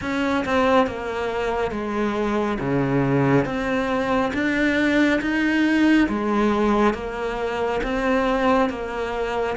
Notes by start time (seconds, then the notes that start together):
0.01 C#4
0.45 C4
0.86 A#3
1.71 G#3
2.59 C#3
3.45 C4
4.33 D4
5.21 D#4
6.08 G#3
6.94 A#3
7.83 C4
8.69 A#3